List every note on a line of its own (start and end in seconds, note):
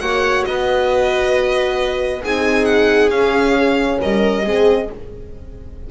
0.00 0.45 A#3
0.00 2.24 F#4
0.00 0.46 C#5
0.00 0.44 F#5
0.45 2.24 B3
0.45 2.22 B4
0.45 2.23 D#5
2.22 3.11 C4
2.22 3.13 D#4
2.22 4.00 G#4
2.22 2.65 G#5
2.65 3.10 F#5
3.11 3.99 C#4
3.11 4.45 C#4
3.11 3.99 F5
4.01 4.46 G3
4.01 4.45 A#4
4.01 4.91 D#5
4.45 4.90 G#3
4.45 4.90 C4
4.45 4.89 G#4